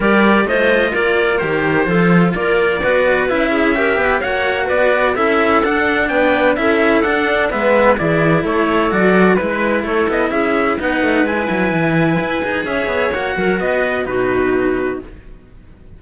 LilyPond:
<<
  \new Staff \with { instrumentName = "trumpet" } { \time 4/4 \tempo 4 = 128 d''4 dis''4 d''4 c''4~ | c''4 d''2 e''4~ | e''4 fis''4 d''4 e''4 | fis''4 g''4 e''4 fis''4 |
e''4 d''4 cis''4 d''4 | b'4 cis''8 dis''8 e''4 fis''4 | gis''2. e''4 | fis''4 dis''4 b'2 | }
  \new Staff \with { instrumentName = "clarinet" } { \time 4/4 ais'4 c''4 ais'2 | a'4 ais'4 b'4. gis'8 | ais'8 b'8 cis''4 b'4 a'4~ | a'4 b'4 a'2 |
b'4 gis'4 a'2 | b'4 a'4 gis'4 b'4~ | b'2. cis''4~ | cis''8 ais'8 b'4 fis'2 | }
  \new Staff \with { instrumentName = "cello" } { \time 4/4 g'4 f'2 g'4 | f'2 fis'4 e'4 | g'4 fis'2 e'4 | d'2 e'4 d'4 |
b4 e'2 fis'4 | e'2. dis'4 | e'2~ e'8 gis'4. | fis'2 dis'2 | }
  \new Staff \with { instrumentName = "cello" } { \time 4/4 g4 a4 ais4 dis4 | f4 ais4 b4 cis'4~ | cis'8 b8 ais4 b4 cis'4 | d'4 b4 cis'4 d'4 |
gis4 e4 a4 fis4 | gis4 a8 b8 cis'4 b8 a8 | gis8 fis8 e4 e'8 dis'8 cis'8 b8 | ais8 fis8 b4 b,2 | }
>>